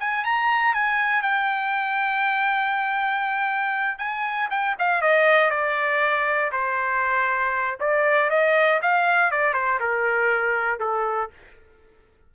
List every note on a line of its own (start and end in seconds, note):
0.00 0.25 G#5
0.25 0.74 A#5
0.74 1.23 G#5
1.23 3.99 G5
3.99 4.49 G#5
4.51 4.76 G5
4.79 5.02 F5
5.02 5.51 D#5
5.51 6.52 D5
6.52 7.78 C5
7.81 8.31 D5
8.31 8.81 D#5
8.82 9.31 F5
9.31 9.54 D5
9.54 9.79 C5
9.80 10.80 A#4
10.80 11.30 A4